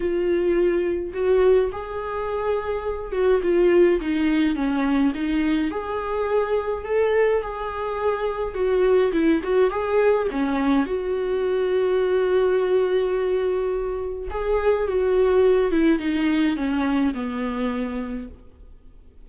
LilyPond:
\new Staff \with { instrumentName = "viola" } { \time 4/4 \tempo 4 = 105 f'2 fis'4 gis'4~ | gis'4. fis'8 f'4 dis'4 | cis'4 dis'4 gis'2 | a'4 gis'2 fis'4 |
e'8 fis'8 gis'4 cis'4 fis'4~ | fis'1~ | fis'4 gis'4 fis'4. e'8 | dis'4 cis'4 b2 | }